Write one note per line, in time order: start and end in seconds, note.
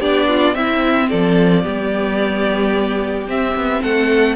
0.00 0.55 B3
0.00 0.54 D4
0.00 0.27 G4
0.00 0.55 D5
0.28 0.55 F4
0.54 1.63 C4
0.54 1.09 C4
0.54 1.09 E4
0.54 1.09 E5
1.09 1.65 F3
1.09 1.63 A4
1.09 3.28 D5
1.63 3.28 G3
1.63 3.26 B3
1.63 3.81 G4
3.27 4.36 C4
3.27 3.55 C4
3.27 3.83 E5
3.55 3.82 B3
3.82 4.36 A3
3.82 4.36 A4
3.82 4.36 F#5